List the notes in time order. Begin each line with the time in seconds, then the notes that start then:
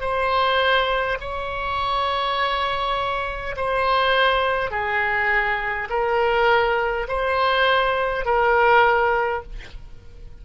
0.00 C5
1.20 C#5
3.56 C5
4.71 G#4
5.89 A#4
7.07 C5
8.25 A#4